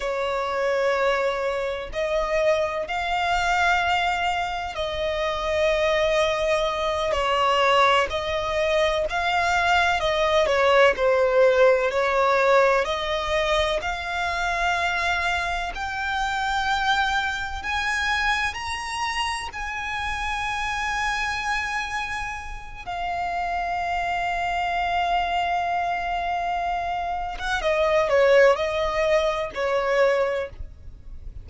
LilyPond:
\new Staff \with { instrumentName = "violin" } { \time 4/4 \tempo 4 = 63 cis''2 dis''4 f''4~ | f''4 dis''2~ dis''8 cis''8~ | cis''8 dis''4 f''4 dis''8 cis''8 c''8~ | c''8 cis''4 dis''4 f''4.~ |
f''8 g''2 gis''4 ais''8~ | ais''8 gis''2.~ gis''8 | f''1~ | f''8. fis''16 dis''8 cis''8 dis''4 cis''4 | }